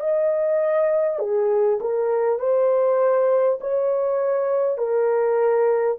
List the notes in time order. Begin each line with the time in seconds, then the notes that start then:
0.00 D#5
1.19 G#4
1.81 A#4
2.39 C5
3.61 C#5
4.78 A#4